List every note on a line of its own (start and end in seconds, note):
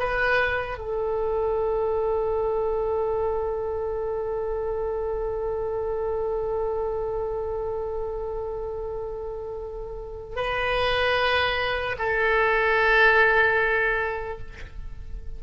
0.00 0.79 B4
0.79 10.37 A4
10.37 11.97 B4
11.99 14.39 A4